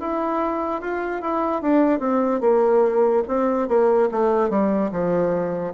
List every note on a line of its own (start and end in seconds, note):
0.00 0.81 E4
0.81 1.22 F4
1.22 1.63 E4
1.63 2.00 D4
2.00 2.41 C4
2.41 3.24 A#3
3.28 3.69 C4
3.69 4.10 A#3
4.12 4.50 A3
4.50 4.91 G3
4.92 5.74 F3